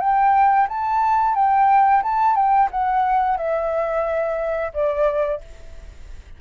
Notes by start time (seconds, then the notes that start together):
0.00 G5
0.68 A5
1.35 G5
2.03 A5
2.35 G5
2.71 F#5
3.37 E5
4.73 D5